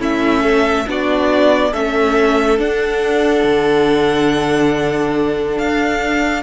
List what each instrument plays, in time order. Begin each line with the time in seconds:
0.00 cello A3, viola C#4, violin E4 E5
0.43 violin A4
0.87 cello B3, viola D4, violin F#4 D5
1.71 cello A3, viola C#4, violin A4 E5
2.58 viola D4, cello D4, violin F#5
3.44 cello D3
5.58 cello D4, violin F5